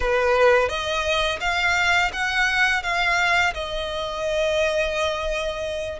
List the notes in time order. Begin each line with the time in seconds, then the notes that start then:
0.00 B4
0.68 D#5
1.40 F5
2.12 F#5
2.82 F5
3.54 D#5